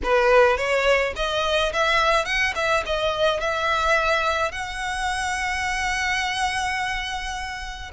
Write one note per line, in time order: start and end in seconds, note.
0.03 0.57 B4
0.57 1.13 C#5
1.16 1.72 D#5
1.72 2.25 E5
2.25 2.53 F#5
2.55 2.83 E5
2.86 3.40 D#5
3.40 4.51 E5
4.51 7.91 F#5